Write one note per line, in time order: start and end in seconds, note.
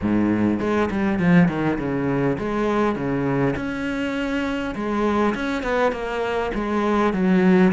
0.01 0.60 G#2
0.60 0.89 G#3
0.90 1.19 G3
1.19 1.48 F3
1.48 1.78 D#3
1.78 2.37 C#3
2.38 2.95 G#3
2.95 3.55 C#3
3.56 4.74 C#4
4.75 5.34 G#3
5.34 5.62 C#4
5.62 5.91 B3
5.91 6.51 A#3
6.54 7.13 G#3
7.13 7.72 F#3